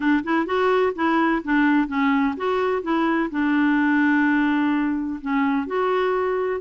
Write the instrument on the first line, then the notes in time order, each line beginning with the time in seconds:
clarinet
0.00 D4
0.24 E4
0.46 F#4
0.95 E4
1.44 D4
1.87 C#4
2.36 F#4
2.82 E4
3.30 D4
5.21 C#4
5.66 F#4